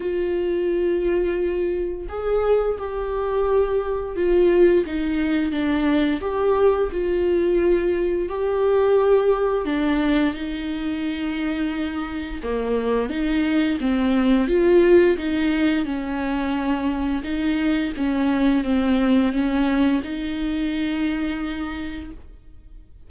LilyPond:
\new Staff \with { instrumentName = "viola" } { \time 4/4 \tempo 4 = 87 f'2. gis'4 | g'2 f'4 dis'4 | d'4 g'4 f'2 | g'2 d'4 dis'4~ |
dis'2 ais4 dis'4 | c'4 f'4 dis'4 cis'4~ | cis'4 dis'4 cis'4 c'4 | cis'4 dis'2. | }